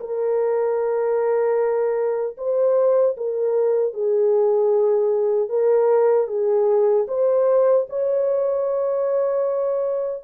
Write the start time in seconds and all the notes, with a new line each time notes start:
0.00 A#4
2.38 C5
3.17 A#4
3.94 G#4
5.49 A#4
6.27 G#4
7.08 C5
7.90 C#5